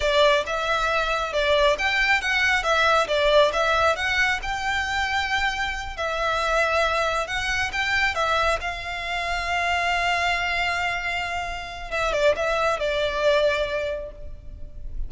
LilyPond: \new Staff \with { instrumentName = "violin" } { \time 4/4 \tempo 4 = 136 d''4 e''2 d''4 | g''4 fis''4 e''4 d''4 | e''4 fis''4 g''2~ | g''4. e''2~ e''8~ |
e''8 fis''4 g''4 e''4 f''8~ | f''1~ | f''2. e''8 d''8 | e''4 d''2. | }